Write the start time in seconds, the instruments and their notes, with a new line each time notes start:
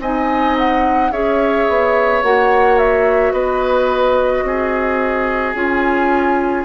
0.00 bassoon C4, clarinet D#4, oboe D#5, flute G#5
0.58 flute F#5
1.12 bassoon C#4, clarinet G#4, oboe C#5, flute E5
1.69 bassoon B3
2.23 bassoon A#3, clarinet F#4, flute F#5
2.78 flute E5
3.32 bassoon B3, oboe B4, flute D#5
4.43 bassoon C4, oboe G#4
5.54 bassoon C#4, clarinet F4, flute G#5